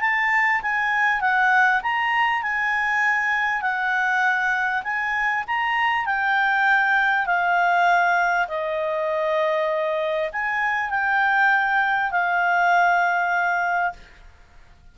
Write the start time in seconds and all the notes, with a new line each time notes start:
0.00 A5
0.61 G#5
1.20 F#5
1.82 A#5
2.42 G#5
3.61 F#5
4.83 G#5
5.47 A#5
6.05 G5
7.26 F5
8.48 D#5
10.32 G#5
10.90 G5
12.11 F5